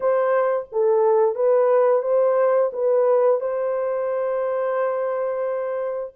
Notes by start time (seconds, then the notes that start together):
0.00 C5
0.72 A4
1.35 B4
2.02 C5
2.73 B4
3.40 C5